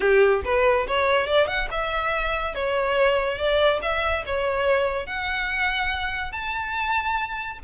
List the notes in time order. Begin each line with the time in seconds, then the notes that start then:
0.00 G4
0.44 B4
0.87 C#5
1.27 D5
1.47 F#5
1.71 E5
2.54 C#5
3.37 D5
3.81 E5
4.26 C#5
5.06 F#5
6.31 A5